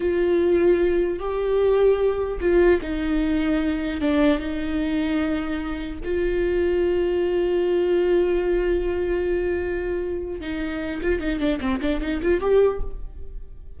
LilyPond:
\new Staff \with { instrumentName = "viola" } { \time 4/4 \tempo 4 = 150 f'2. g'4~ | g'2 f'4 dis'4~ | dis'2 d'4 dis'4~ | dis'2. f'4~ |
f'1~ | f'1~ | f'2 dis'4. f'8 | dis'8 d'8 c'8 d'8 dis'8 f'8 g'4 | }